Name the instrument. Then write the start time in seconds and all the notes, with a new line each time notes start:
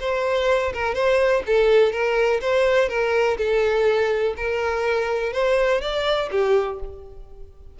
violin
0.00 C5
0.73 A#4
0.95 C5
1.46 A4
1.92 A#4
2.41 C5
2.89 A#4
3.38 A4
4.37 A#4
5.33 C5
5.81 D5
6.31 G4